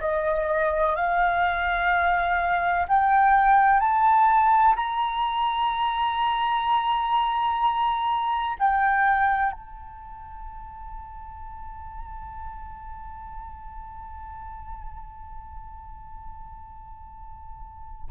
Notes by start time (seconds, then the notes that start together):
0.00 D#5
0.95 F5
2.88 G5
3.80 A5
4.76 A#5
8.59 G5
9.52 A5